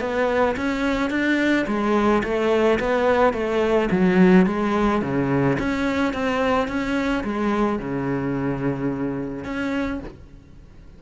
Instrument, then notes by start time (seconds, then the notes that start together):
cello
0.00 B3
0.57 C#4
1.10 D4
1.67 G#3
2.23 A3
2.80 B3
3.33 A3
3.91 F#3
4.46 G#3
5.02 C#3
5.59 C#4
6.13 C4
6.68 C#4
7.24 G#3
7.79 C#3
9.44 C#4